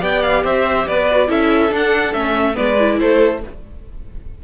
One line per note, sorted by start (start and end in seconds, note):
0.00 0.44 B3
0.00 1.06 G4
0.00 0.44 D5
0.00 0.23 G5
0.23 0.44 F5
0.44 0.87 C4
0.44 0.87 C5
0.44 0.88 E5
0.87 1.29 B3
0.87 1.30 B4
0.87 1.31 D5
1.12 1.28 F#4
1.28 1.72 C#4
1.28 1.70 E4
1.28 2.55 A4
1.28 1.73 E5
1.70 2.12 D4
1.70 2.14 D4
1.76 2.14 F#5
2.14 2.57 A3
2.14 2.54 C#4
2.14 2.56 E5
2.54 3.01 G#3
2.54 2.76 B3
2.54 2.98 B4
2.54 2.99 D5
2.80 3.43 E4
3.00 3.43 A3
3.00 3.44 A4
3.00 3.42 C5